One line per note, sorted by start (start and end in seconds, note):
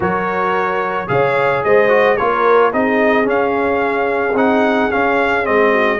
0.00 1.08 F#3
0.00 1.07 F#4
0.00 1.09 A#4
0.00 1.08 C#5
1.07 1.63 C#3
1.07 1.88 G#4
1.07 1.64 C#5
1.07 1.63 F5
1.63 2.19 G#3
1.63 2.18 C5
1.63 2.16 D#5
1.88 2.15 F#4
2.16 2.73 A#3
2.16 2.72 F4
2.16 2.72 A#4
2.16 2.71 C#5
2.72 3.26 C4
2.72 3.23 D#4
2.72 5.71 G#4
2.72 3.27 D#5
3.23 4.32 C#4
3.23 4.34 C#4
3.23 4.37 F5
4.34 4.88 C4
4.34 4.90 D#4
4.34 4.91 F#5
4.90 5.43 C#4
4.90 5.48 C#4
4.90 5.45 F5
5.43 6.00 G#3
5.43 5.98 C4
5.43 6.00 D#5
5.71 5.98 F#4